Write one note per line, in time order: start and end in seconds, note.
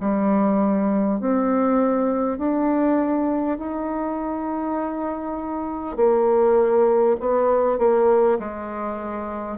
0.00 1.20 G3
1.20 2.38 C4
2.38 3.58 D4
3.58 5.96 D#4
5.96 7.16 A#3
7.20 7.78 B3
7.78 8.38 A#3
8.39 9.58 G#3